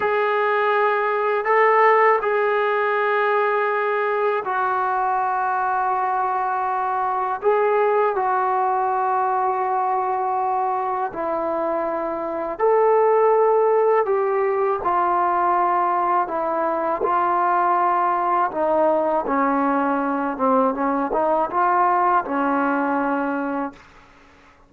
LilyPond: \new Staff \with { instrumentName = "trombone" } { \time 4/4 \tempo 4 = 81 gis'2 a'4 gis'4~ | gis'2 fis'2~ | fis'2 gis'4 fis'4~ | fis'2. e'4~ |
e'4 a'2 g'4 | f'2 e'4 f'4~ | f'4 dis'4 cis'4. c'8 | cis'8 dis'8 f'4 cis'2 | }